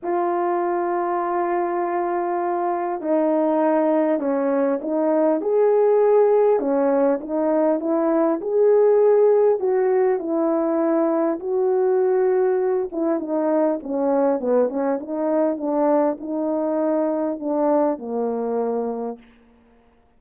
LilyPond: \new Staff \with { instrumentName = "horn" } { \time 4/4 \tempo 4 = 100 f'1~ | f'4 dis'2 cis'4 | dis'4 gis'2 cis'4 | dis'4 e'4 gis'2 |
fis'4 e'2 fis'4~ | fis'4. e'8 dis'4 cis'4 | b8 cis'8 dis'4 d'4 dis'4~ | dis'4 d'4 ais2 | }